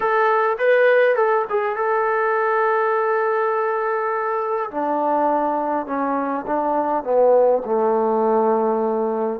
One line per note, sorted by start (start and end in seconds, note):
0.00 0.57 A4
0.58 1.15 B4
1.15 1.45 A4
1.49 1.76 G#4
1.76 4.70 A4
4.71 5.86 D4
5.86 6.45 C#4
6.47 7.03 D4
7.03 7.62 B3
7.65 9.40 A3